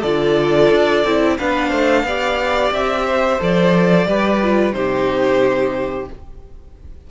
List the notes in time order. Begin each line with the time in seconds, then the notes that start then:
0.00 D3 F4 A4 D5
0.71 D4
1.04 C4 E4
1.38 B3 D4 B4 F5
1.69 A3 C5
2.03 B3 G4 D5
2.71 C4 E5
3.06 C5
3.40 F3 A4 D5
4.06 G3 G4 B4
4.43 F4
4.73 C3 D#4 G4 C5